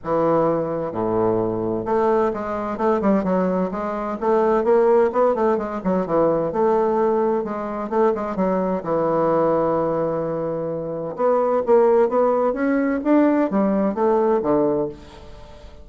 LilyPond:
\new Staff \with { instrumentName = "bassoon" } { \time 4/4 \tempo 4 = 129 e2 a,2 | a4 gis4 a8 g8 fis4 | gis4 a4 ais4 b8 a8 | gis8 fis8 e4 a2 |
gis4 a8 gis8 fis4 e4~ | e1 | b4 ais4 b4 cis'4 | d'4 g4 a4 d4 | }